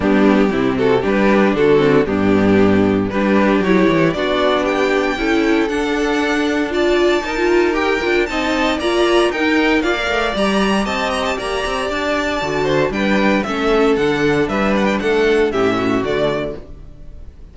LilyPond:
<<
  \new Staff \with { instrumentName = "violin" } { \time 4/4 \tempo 4 = 116 g'4. a'8 b'4 a'4 | g'2 b'4 cis''4 | d''4 g''2 fis''4~ | fis''4 a''2 g''4 |
a''4 ais''4 g''4 f''4 | ais''4 a''8 ais''16 a''16 ais''4 a''4~ | a''4 g''4 e''4 fis''4 | e''8 fis''16 g''16 fis''4 e''4 d''4 | }
  \new Staff \with { instrumentName = "violin" } { \time 4/4 d'4 e'8 fis'8 g'4 fis'4 | d'2 g'2 | fis'4 g'4 a'2~ | a'4 d''4 ais'2 |
dis''4 d''4 ais'4 d''4~ | d''4 dis''4 d''2~ | d''8 c''8 b'4 a'2 | b'4 a'4 g'8 fis'4. | }
  \new Staff \with { instrumentName = "viola" } { \time 4/4 b4 c'4 d'4. c'8 | b2 d'4 e'4 | d'2 e'4 d'4~ | d'4 f'4 dis'16 f'8. g'8 f'8 |
dis'4 f'4 dis'4 f'16 ais'8. | g'1 | fis'4 d'4 cis'4 d'4~ | d'2 cis'4 a4 | }
  \new Staff \with { instrumentName = "cello" } { \time 4/4 g4 c4 g4 d4 | g,2 g4 fis8 e8 | b2 cis'4 d'4~ | d'2 dis'4. d'8 |
c'4 ais4 dis'4 ais8 a8 | g4 c'4 ais8 c'8 d'4 | d4 g4 a4 d4 | g4 a4 a,4 d4 | }
>>